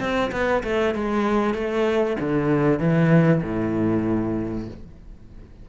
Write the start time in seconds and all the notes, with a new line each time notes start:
0.00 C4
0.32 B3
0.64 A3
0.95 G#3
1.54 A3
2.20 D3
2.80 E3
3.43 A2